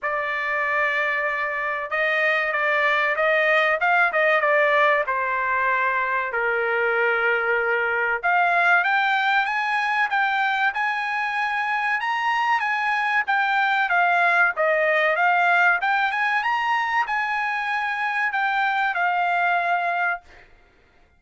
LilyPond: \new Staff \with { instrumentName = "trumpet" } { \time 4/4 \tempo 4 = 95 d''2. dis''4 | d''4 dis''4 f''8 dis''8 d''4 | c''2 ais'2~ | ais'4 f''4 g''4 gis''4 |
g''4 gis''2 ais''4 | gis''4 g''4 f''4 dis''4 | f''4 g''8 gis''8 ais''4 gis''4~ | gis''4 g''4 f''2 | }